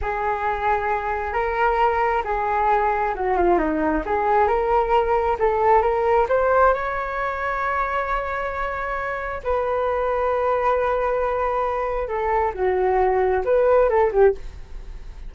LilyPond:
\new Staff \with { instrumentName = "flute" } { \time 4/4 \tempo 4 = 134 gis'2. ais'4~ | ais'4 gis'2 fis'8 f'8 | dis'4 gis'4 ais'2 | a'4 ais'4 c''4 cis''4~ |
cis''1~ | cis''4 b'2.~ | b'2. a'4 | fis'2 b'4 a'8 g'8 | }